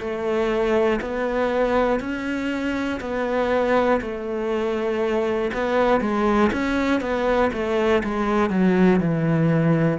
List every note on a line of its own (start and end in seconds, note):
0.00 1.00 A3
1.01 2.00 B3
2.00 3.00 C#4
3.00 4.00 B3
4.01 5.51 A3
5.54 6.01 B3
6.01 6.51 G#3
6.52 7.00 C#4
7.00 7.50 B3
7.53 8.03 A3
8.04 8.50 G#3
8.50 9.00 F#3
9.00 9.99 E3